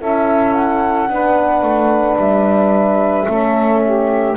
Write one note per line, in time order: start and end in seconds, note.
0.00 1.09 C#4
0.00 1.09 E4
0.00 1.09 A4
0.00 0.53 E5
0.53 2.17 F#5
1.09 1.62 B3
1.09 3.27 D4
1.09 3.27 B4
1.62 2.17 A3
2.17 3.27 G3
2.17 4.37 E5
3.27 4.37 A3
3.27 4.36 C#4
3.27 3.82 A4
3.84 4.37 G4